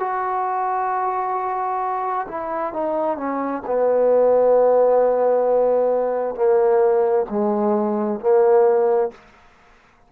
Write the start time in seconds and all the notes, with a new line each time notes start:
0.00 F#4
2.29 E4
2.74 D#4
3.17 C#4
3.67 B3
6.36 A#3
7.30 G#3
8.21 A#3